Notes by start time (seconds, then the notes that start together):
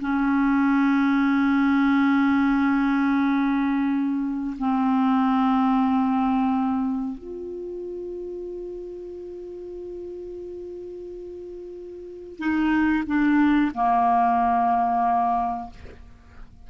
0.00 C#4
4.58 C4
7.18 F4
12.38 D#4
13.06 D4
13.74 A#3